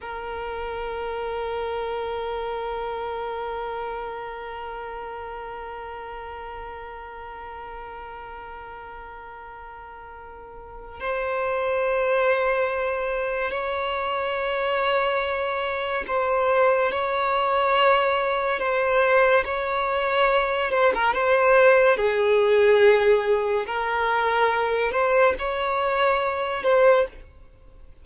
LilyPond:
\new Staff \with { instrumentName = "violin" } { \time 4/4 \tempo 4 = 71 ais'1~ | ais'1~ | ais'1~ | ais'4 c''2. |
cis''2. c''4 | cis''2 c''4 cis''4~ | cis''8 c''16 ais'16 c''4 gis'2 | ais'4. c''8 cis''4. c''8 | }